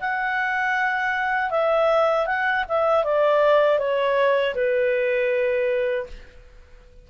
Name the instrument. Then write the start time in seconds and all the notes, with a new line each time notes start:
clarinet
0.00 F#5
1.50 E5
2.26 F#5
2.68 E5
3.04 D5
3.78 C#5
4.55 B4